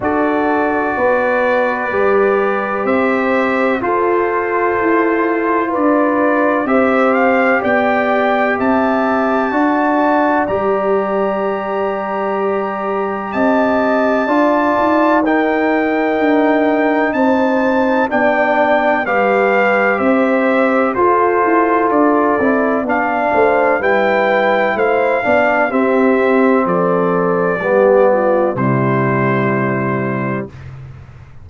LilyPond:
<<
  \new Staff \with { instrumentName = "trumpet" } { \time 4/4 \tempo 4 = 63 d''2. e''4 | c''2 d''4 e''8 f''8 | g''4 a''2 ais''4~ | ais''2 a''2 |
g''2 a''4 g''4 | f''4 e''4 c''4 d''4 | f''4 g''4 f''4 e''4 | d''2 c''2 | }
  \new Staff \with { instrumentName = "horn" } { \time 4/4 a'4 b'2 c''4 | a'2 b'4 c''4 | d''4 e''4 d''2~ | d''2 dis''4 d''4 |
ais'2 c''4 d''4 | b'4 c''4 a'2 | d''8 c''8 b'4 c''8 d''8 g'4 | a'4 g'8 f'8 e'2 | }
  \new Staff \with { instrumentName = "trombone" } { \time 4/4 fis'2 g'2 | f'2. g'4~ | g'2 fis'4 g'4~ | g'2. f'4 |
dis'2. d'4 | g'2 f'4. e'8 | d'4 e'4. d'8 c'4~ | c'4 b4 g2 | }
  \new Staff \with { instrumentName = "tuba" } { \time 4/4 d'4 b4 g4 c'4 | f'4 e'4 d'4 c'4 | b4 c'4 d'4 g4~ | g2 c'4 d'8 dis'8~ |
dis'4 d'4 c'4 b4 | g4 c'4 f'8 e'8 d'8 c'8 | b8 a8 g4 a8 b8 c'4 | f4 g4 c2 | }
>>